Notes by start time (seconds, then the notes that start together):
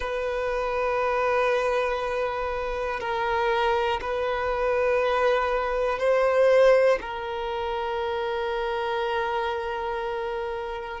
0.00 B4
3.00 A#4
4.00 B4
5.98 C5
7.00 A#4